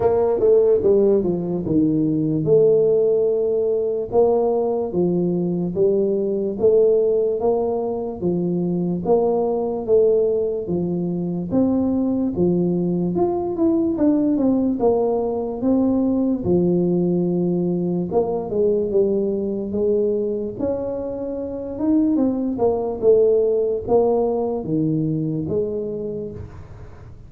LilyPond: \new Staff \with { instrumentName = "tuba" } { \time 4/4 \tempo 4 = 73 ais8 a8 g8 f8 dis4 a4~ | a4 ais4 f4 g4 | a4 ais4 f4 ais4 | a4 f4 c'4 f4 |
f'8 e'8 d'8 c'8 ais4 c'4 | f2 ais8 gis8 g4 | gis4 cis'4. dis'8 c'8 ais8 | a4 ais4 dis4 gis4 | }